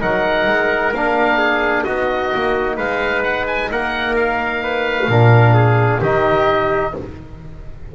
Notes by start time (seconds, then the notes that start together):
0.00 F#3 D#4 A#4 F#5
0.47 G#3
0.91 A#3 D4 F5
1.37 G#4
1.83 B3 D#4 F#4 D#5
2.34 A#3
2.76 G#3 B4 F5
3.22 F#5
3.47 G#5
3.71 A#3 A#4 F#5
4.16 F5
4.63 B4
5.08 A#2 D4 A#4
5.54 G#4
6.00 D#3 D#4 G4 D#5